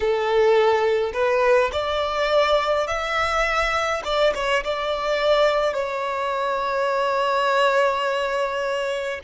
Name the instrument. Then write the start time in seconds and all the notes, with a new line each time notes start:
violin
0.00 A4
1.13 B4
1.72 D5
2.87 E5
4.04 D5
4.34 C#5
4.64 D5
5.73 C#5